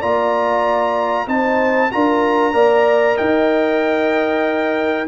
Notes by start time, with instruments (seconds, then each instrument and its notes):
0.00 tuba A#3, trombone F4, horn D5, trumpet A#5
1.27 tuba C4, trombone D#4, horn C5, trumpet A5
1.92 tuba D4, trombone F4, horn A#4, trumpet A#5
2.53 tuba A#3, trombone A#4, horn D5
3.16 tuba D#4, horn D#5, trumpet G5